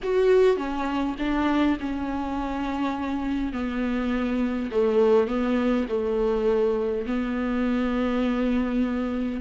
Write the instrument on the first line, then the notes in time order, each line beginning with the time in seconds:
viola
0.02 F#4
0.56 C#4
1.18 D4
1.80 C#4
3.52 B3
4.71 A3
5.27 B3
5.88 A3
7.06 B3